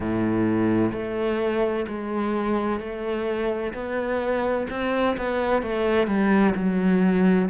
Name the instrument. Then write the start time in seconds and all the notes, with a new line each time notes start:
cello
0.00 A2
0.92 A3
1.87 G#3
2.79 A3
3.73 B3
4.70 C4
5.17 B3
5.62 A3
6.07 G3
6.55 F#3